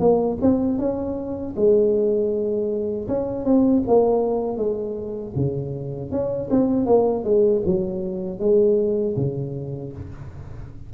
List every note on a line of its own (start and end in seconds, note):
0.00 0.38 A#3
0.41 0.79 C4
0.79 1.55 C#4
1.56 3.08 G#3
3.09 3.45 C#4
3.45 3.83 C4
3.88 4.58 A#3
4.58 5.34 G#3
5.36 6.11 C#3
6.11 6.49 C#4
6.51 6.86 C4
6.86 7.24 A#3
7.24 7.62 G#3
7.66 8.40 F#3
8.40 9.16 G#3
9.17 9.93 C#3